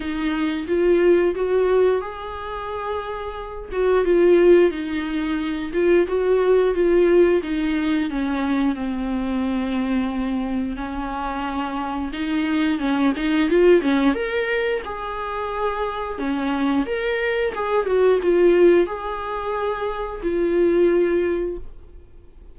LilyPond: \new Staff \with { instrumentName = "viola" } { \time 4/4 \tempo 4 = 89 dis'4 f'4 fis'4 gis'4~ | gis'4. fis'8 f'4 dis'4~ | dis'8 f'8 fis'4 f'4 dis'4 | cis'4 c'2. |
cis'2 dis'4 cis'8 dis'8 | f'8 cis'8 ais'4 gis'2 | cis'4 ais'4 gis'8 fis'8 f'4 | gis'2 f'2 | }